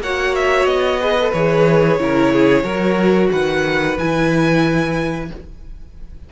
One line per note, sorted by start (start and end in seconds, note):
0.00 0.66 A#3
0.00 1.01 F#4
0.00 1.01 C#5
0.00 0.35 F#5
0.35 0.66 E5
0.66 1.32 B3
0.66 1.32 D#5
1.01 1.17 G#4
1.01 2.00 B4
1.20 1.35 A4
1.33 1.99 E3
1.33 2.00 G#4
1.33 3.30 C#5
1.99 2.63 C#3
1.99 2.64 E4
1.99 2.33 A#4
2.33 2.64 G#4
2.63 3.29 F#3
2.63 3.96 F#4
2.63 3.30 A#4
3.32 3.99 D#3
3.32 5.30 B4
3.32 3.98 F#5
3.99 5.31 E3
3.99 5.32 E4
3.99 5.31 G#5